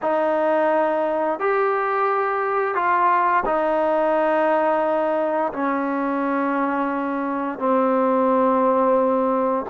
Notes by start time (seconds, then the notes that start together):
0.02 D#4
1.39 G4
2.74 F4
3.45 D#4
5.53 C#4
7.59 C4